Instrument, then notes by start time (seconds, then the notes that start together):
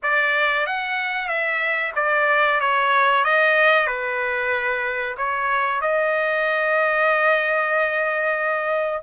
trumpet
0.02 D5
0.66 F#5
1.28 E5
1.95 D5
2.60 C#5
3.24 D#5
3.86 B4
5.17 C#5
5.81 D#5